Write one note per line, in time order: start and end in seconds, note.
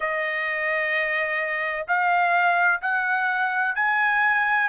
0.00 1.85 D#5
1.87 2.81 F5
2.81 3.75 F#5
3.75 4.69 G#5